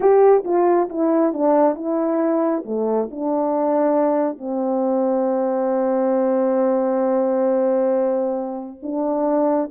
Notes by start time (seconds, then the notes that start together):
0.00 G4
0.44 F4
0.89 E4
1.33 D4
1.74 E4
2.65 A3
3.10 D4
4.38 C4
8.82 D4